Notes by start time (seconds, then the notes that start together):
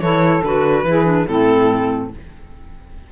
0.00 E3 E4 A4 C#5
0.43 D3 F#4 B4
0.84 E3 E4 G#4
1.05 D4
1.27 A2 C4 E4 A4